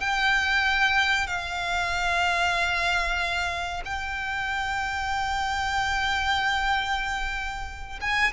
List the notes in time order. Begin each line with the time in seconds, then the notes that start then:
0.00 G5
1.27 F5
3.85 G5
8.01 G#5